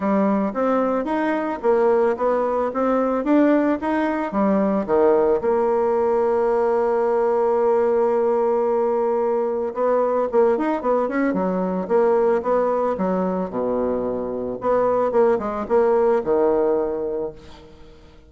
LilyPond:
\new Staff \with { instrumentName = "bassoon" } { \time 4/4 \tempo 4 = 111 g4 c'4 dis'4 ais4 | b4 c'4 d'4 dis'4 | g4 dis4 ais2~ | ais1~ |
ais2 b4 ais8 dis'8 | b8 cis'8 fis4 ais4 b4 | fis4 b,2 b4 | ais8 gis8 ais4 dis2 | }